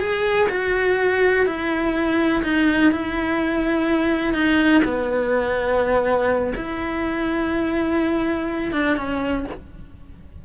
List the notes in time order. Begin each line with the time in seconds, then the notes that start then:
0.00 G#4
0.49 F#4
1.46 E4
2.44 D#4
2.92 E4
4.34 D#4
4.85 B3
6.56 E4
8.73 D4
8.97 C#4